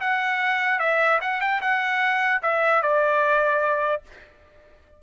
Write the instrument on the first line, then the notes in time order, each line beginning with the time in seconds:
trumpet
0.00 F#5
0.79 E5
1.21 F#5
1.40 G5
1.61 F#5
2.42 E5
2.82 D5